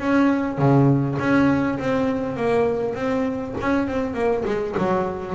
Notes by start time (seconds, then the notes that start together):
0.00 C#4
0.58 C#3
1.19 C#4
1.79 C4
2.37 A#3
2.95 C4
3.61 C#4
3.88 C4
4.14 A#3
4.46 G#3
4.78 F#3